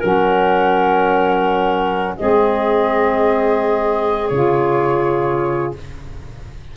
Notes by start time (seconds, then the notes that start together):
0.00 F#3 C#4 A#4 F#5
2.17 G#3 C4 G#4 D#5
4.29 C#3 F4 C#5